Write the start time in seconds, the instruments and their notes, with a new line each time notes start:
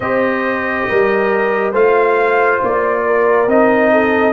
0.00 tuba C4, trombone G4, horn C5, trumpet D#5
0.89 tuba G3, horn A#4
1.71 tuba A3, trombone F4, horn C5, trumpet F5
2.62 tuba A#3, trumpet D5
3.06 horn A#4
3.47 tuba C4, trombone D#4, trumpet D#5
3.91 horn A4